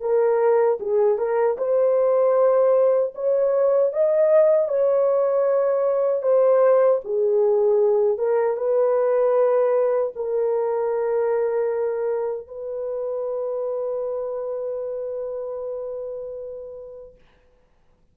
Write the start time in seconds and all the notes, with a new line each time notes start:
0.00 A#4
0.80 G#4
1.18 A#4
1.57 C5
3.15 C#5
3.93 D#5
4.68 C#5
6.22 C5
7.04 G#4
8.17 A#4
8.56 B4
10.15 A#4
12.47 B4